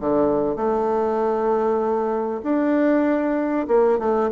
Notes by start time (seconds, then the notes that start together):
0.00 D3
0.56 A3
2.43 D4
3.67 A#3
3.99 A3